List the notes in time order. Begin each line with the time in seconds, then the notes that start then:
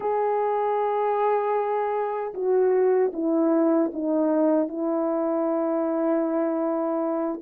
0.00 G#4
2.34 F#4
3.13 E4
3.93 D#4
4.68 E4